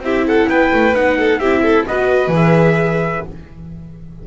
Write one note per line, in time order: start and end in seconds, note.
0.00 0.46 C4
0.00 0.95 E4
0.00 0.28 G4
0.00 0.27 E5
0.28 0.49 A4
0.28 0.50 F#5
0.49 0.72 B3
0.49 1.18 B4
0.49 0.95 G5
0.73 0.95 A3
0.95 1.40 B3
0.95 1.41 D#4
0.95 1.40 F#5
1.19 1.40 A4
1.40 1.85 C4
1.40 1.89 E4
1.40 1.63 G4
1.40 1.85 E5
1.63 1.86 A4
1.87 2.28 B3
1.87 2.33 F#4
1.87 3.26 B4
1.87 2.33 D#5
2.28 3.20 E3
2.28 3.25 G#4
2.36 3.27 E5